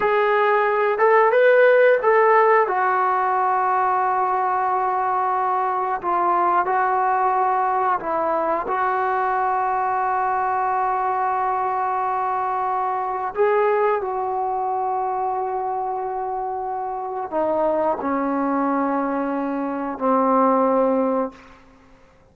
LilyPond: \new Staff \with { instrumentName = "trombone" } { \time 4/4 \tempo 4 = 90 gis'4. a'8 b'4 a'4 | fis'1~ | fis'4 f'4 fis'2 | e'4 fis'2.~ |
fis'1 | gis'4 fis'2.~ | fis'2 dis'4 cis'4~ | cis'2 c'2 | }